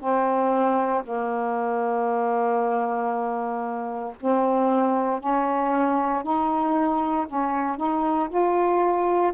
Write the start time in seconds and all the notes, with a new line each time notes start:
0.00 C4
1.04 A#3
4.21 C4
5.21 C#4
6.24 D#4
7.27 C#4
7.77 D#4
8.29 F4